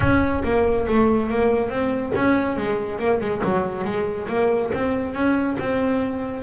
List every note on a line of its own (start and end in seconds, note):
0.00 0.42 C#4
0.44 0.86 A#3
0.87 1.29 A3
1.29 1.69 A#3
1.69 2.12 C4
2.15 2.56 C#4
2.56 2.98 G#3
2.98 3.20 A#3
3.20 3.41 G#3
3.43 3.84 F#3
3.84 4.27 G#3
4.28 4.71 A#3
4.74 5.13 C4
5.13 5.56 C#4
5.59 6.42 C4